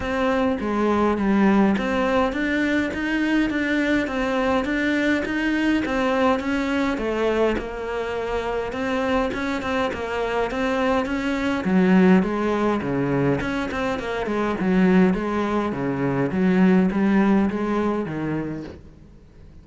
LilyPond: \new Staff \with { instrumentName = "cello" } { \time 4/4 \tempo 4 = 103 c'4 gis4 g4 c'4 | d'4 dis'4 d'4 c'4 | d'4 dis'4 c'4 cis'4 | a4 ais2 c'4 |
cis'8 c'8 ais4 c'4 cis'4 | fis4 gis4 cis4 cis'8 c'8 | ais8 gis8 fis4 gis4 cis4 | fis4 g4 gis4 dis4 | }